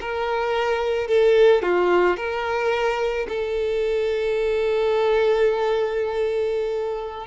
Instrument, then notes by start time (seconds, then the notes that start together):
violin
0.00 A#4
1.07 A4
1.62 F4
2.16 A#4
3.28 A4